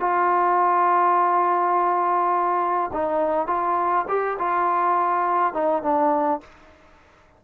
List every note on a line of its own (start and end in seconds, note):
0.00 2.91 F4
2.93 3.48 D#4
3.48 4.06 F4
4.09 4.38 G4
4.39 5.54 F4
5.54 5.83 D#4
5.83 6.41 D4